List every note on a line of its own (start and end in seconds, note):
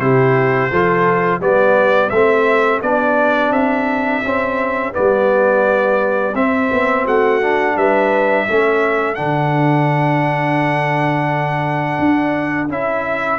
0.00 0.71 C3
0.00 0.71 E4
0.00 0.72 G4
0.00 1.41 C5
0.72 1.40 F3
0.72 1.41 F4
0.72 1.41 A4
1.40 2.11 G3
1.40 2.12 B3
1.40 7.04 G4
1.40 2.10 D5
2.10 2.81 A3
2.10 2.83 C4
2.10 2.81 E5
2.82 3.51 B3
2.82 4.24 D4
2.82 3.52 D5
3.51 4.21 C4
3.51 4.94 E5
4.24 4.92 C4
4.24 4.95 C#4
4.92 6.35 G3
4.92 6.34 B3
4.92 6.35 D5
6.35 6.70 C4
6.35 7.42 C4
6.35 7.06 E5
6.72 7.06 B3
7.04 7.76 A3
7.04 7.75 F#4
7.04 7.77 F#5
7.42 8.48 D4
7.76 8.47 G3
7.76 8.47 B4
7.76 9.15 E5
8.47 9.19 A3
8.47 9.16 C#4
8.47 13.39 A4
9.15 11.99 D3
9.15 12.69 D4
9.15 12.68 F#5
11.99 12.69 D4
12.69 13.39 C#4
12.69 13.39 E4
12.69 13.39 E5